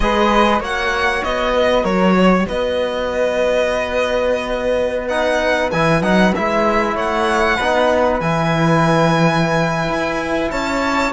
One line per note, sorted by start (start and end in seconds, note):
0.00 0.60 G#3
0.00 0.62 G#4
0.00 0.60 B4
0.00 0.61 D#5
0.60 1.22 A#3
0.60 5.09 F#4
0.60 1.52 C#5
0.60 1.23 F#5
1.23 1.84 B3
1.23 1.84 D#5
1.53 1.83 B4
1.83 2.45 F#3
1.83 2.14 A#4
1.83 2.46 C#5
2.19 2.46 C#5
2.46 5.72 B3
2.46 6.94 B4
2.46 5.08 D#5
5.08 5.71 D#4
5.08 5.70 F#5
5.71 6.01 E3
5.71 6.02 E4
5.71 6.02 G#5
6.01 6.32 F#3
6.01 6.33 D#4
6.01 6.33 F#5
6.35 6.95 G#3
6.35 7.59 E4
6.35 6.96 E5
6.94 7.57 A3
6.94 7.55 C#5
6.94 8.20 F#5
7.55 8.20 B3
7.55 8.21 D#4
7.55 10.49 B4
8.20 9.88 E3
8.20 11.12 E4
8.20 10.51 G#5
9.88 10.50 E4
10.51 11.12 C#4
10.51 11.12 C#5
10.51 11.12 A5